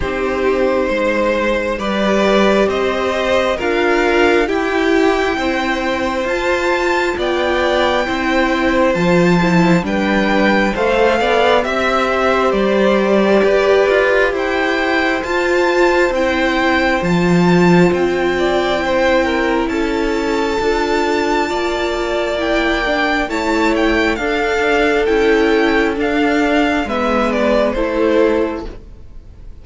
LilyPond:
<<
  \new Staff \with { instrumentName = "violin" } { \time 4/4 \tempo 4 = 67 c''2 d''4 dis''4 | f''4 g''2 a''4 | g''2 a''4 g''4 | f''4 e''4 d''2 |
g''4 a''4 g''4 a''4 | g''2 a''2~ | a''4 g''4 a''8 g''8 f''4 | g''4 f''4 e''8 d''8 c''4 | }
  \new Staff \with { instrumentName = "violin" } { \time 4/4 g'4 c''4 b'4 c''4 | ais'4 g'4 c''2 | d''4 c''2 b'4 | c''8 d''8 e''8 c''4. b'4 |
c''1~ | c''8 d''8 c''8 ais'8 a'2 | d''2 cis''4 a'4~ | a'2 b'4 a'4 | }
  \new Staff \with { instrumentName = "viola" } { \time 4/4 dis'2 g'2 | f'4 e'2 f'4~ | f'4 e'4 f'8 e'8 d'4 | a'4 g'2.~ |
g'4 f'4 e'4 f'4~ | f'4 e'2 f'4~ | f'4 e'8 d'8 e'4 d'4 | e'4 d'4 b4 e'4 | }
  \new Staff \with { instrumentName = "cello" } { \time 4/4 c'4 gis4 g4 c'4 | d'4 e'4 c'4 f'4 | b4 c'4 f4 g4 | a8 b8 c'4 g4 g'8 f'8 |
e'4 f'4 c'4 f4 | c'2 cis'4 d'4 | ais2 a4 d'4 | cis'4 d'4 gis4 a4 | }
>>